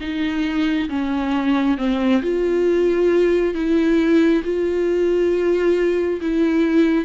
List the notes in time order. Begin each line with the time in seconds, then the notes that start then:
0.00 D#4
0.89 C#4
1.77 C4
2.21 F4
3.54 E4
4.44 F4
6.21 E4